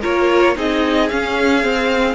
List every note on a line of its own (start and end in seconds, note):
0.00 0.56 A#3
0.00 0.55 F4
0.00 0.54 A#4
0.00 0.57 C#5
0.55 1.10 C4
0.55 1.09 D#4
0.55 2.14 G#4
0.55 1.08 D#5
1.08 1.62 C#4
1.08 1.64 C#4
1.08 2.14 F5
1.62 2.14 C4